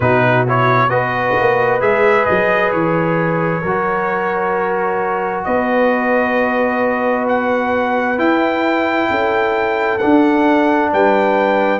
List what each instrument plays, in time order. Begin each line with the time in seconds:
0.00 tuba B2, trombone D#4, horn F#4, trumpet B4
0.47 trombone E4, trumpet C#5
0.89 tuba B3, trombone F#4, horn B4, trumpet D#5
1.39 tuba A#3
1.80 tuba G#3, trombone G#4, trumpet E5
2.25 tuba F#3, trumpet D#5
2.71 tuba E3, trumpet C#5
3.62 tuba F#3, trombone F#4, horn A#4
5.44 tuba B3, horn B4, trumpet D#5
7.27 trumpet F#5
8.17 trombone E4, tuba E4, trumpet G5
9.10 tuba C#4, horn A4
9.98 trombone D4, tuba D4, trumpet F#5
10.92 tuba G3, horn B4, trumpet G5